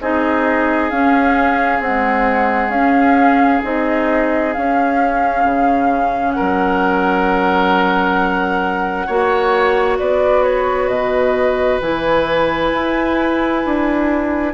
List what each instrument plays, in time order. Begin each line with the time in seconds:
0.00 bassoon C4, clarinet D#4, oboe G#4, flute D#5
0.90 bassoon C#4, clarinet C#4, flute F5
1.80 clarinet G#3, bassoon C4, flute F#5
2.68 bassoon C#4, clarinet C#4, flute F5
3.63 bassoon C4, clarinet D#4, flute D#5
4.53 bassoon C#4, clarinet C#4, flute F5
5.44 bassoon C#3
6.32 oboe A#4, flute F#5
6.40 bassoon F#3
9.06 bassoon A#3, clarinet F#4, oboe C#5
9.98 bassoon B3, oboe B4, flute D5
10.43 flute C#5
10.88 bassoon B2, flute D#5
11.80 bassoon E3, clarinet E4, flute G#5
12.73 bassoon E4
13.65 bassoon D4